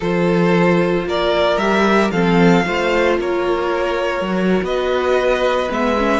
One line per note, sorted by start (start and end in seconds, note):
0.00 1.06 F3
0.00 1.60 F4
0.00 1.05 A4
0.00 1.08 C5
1.06 1.57 A#3
1.06 2.12 A#4
1.06 1.57 D5
1.57 2.10 G3
1.57 2.13 G4
1.57 2.10 E5
2.11 2.64 F3
2.11 2.63 C4
2.11 2.65 A4
2.11 3.17 F5
2.63 3.18 A3
2.63 4.23 F4
2.63 3.19 C5
3.18 4.20 A#3
3.18 4.64 A#4
3.18 4.65 C#5
4.20 4.60 F#3
4.27 5.70 F#4
4.62 5.68 B3
4.62 6.20 B4
4.62 5.71 D#5
5.70 6.20 G#3
5.70 5.96 B3
5.70 6.20 E5
5.97 6.20 C#4